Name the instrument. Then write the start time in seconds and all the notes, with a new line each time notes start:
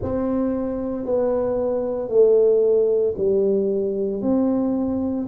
tuba
0.02 C4
1.05 B3
2.08 A3
3.17 G3
4.21 C4